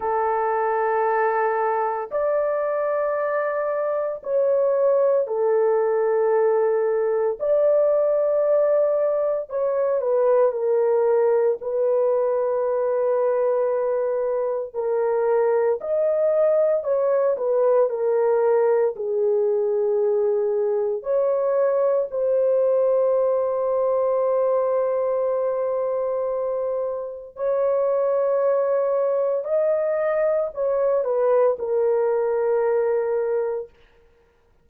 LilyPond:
\new Staff \with { instrumentName = "horn" } { \time 4/4 \tempo 4 = 57 a'2 d''2 | cis''4 a'2 d''4~ | d''4 cis''8 b'8 ais'4 b'4~ | b'2 ais'4 dis''4 |
cis''8 b'8 ais'4 gis'2 | cis''4 c''2.~ | c''2 cis''2 | dis''4 cis''8 b'8 ais'2 | }